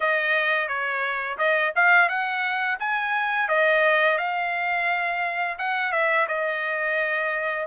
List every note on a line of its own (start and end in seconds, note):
0.00 0.68 D#5
0.68 1.37 C#5
1.38 1.73 D#5
1.75 2.08 F5
2.08 2.78 F#5
2.79 3.48 G#5
3.48 4.18 D#5
4.18 5.57 F5
5.58 5.92 F#5
5.92 6.27 E5
6.28 7.66 D#5